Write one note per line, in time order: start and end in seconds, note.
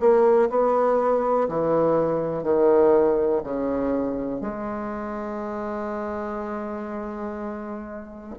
0.00 0.49 A#3
0.50 1.48 B3
1.48 2.43 E3
2.43 3.42 D#3
3.43 4.41 C#3
4.41 8.34 G#3